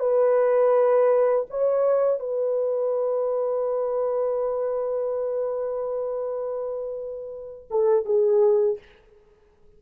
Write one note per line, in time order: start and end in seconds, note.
0.00 1.46 B4
1.51 2.20 C#5
2.20 7.69 B4
7.71 8.06 A4
8.06 8.79 G#4